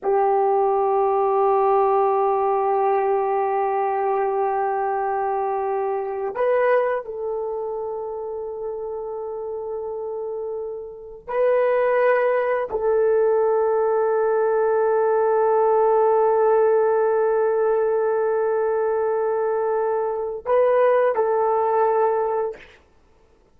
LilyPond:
\new Staff \with { instrumentName = "horn" } { \time 4/4 \tempo 4 = 85 g'1~ | g'1~ | g'4 b'4 a'2~ | a'1 |
b'2 a'2~ | a'1~ | a'1~ | a'4 b'4 a'2 | }